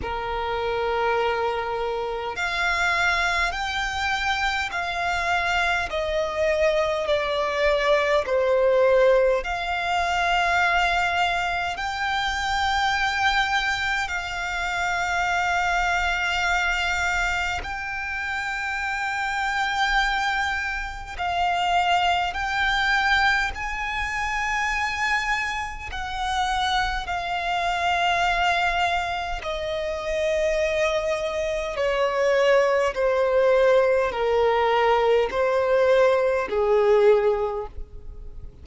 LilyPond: \new Staff \with { instrumentName = "violin" } { \time 4/4 \tempo 4 = 51 ais'2 f''4 g''4 | f''4 dis''4 d''4 c''4 | f''2 g''2 | f''2. g''4~ |
g''2 f''4 g''4 | gis''2 fis''4 f''4~ | f''4 dis''2 cis''4 | c''4 ais'4 c''4 gis'4 | }